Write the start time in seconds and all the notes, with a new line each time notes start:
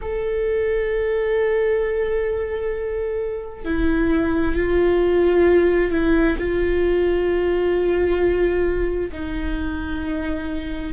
0.01 A4
3.64 E4
4.55 F4
5.91 E4
6.38 F4
9.12 D#4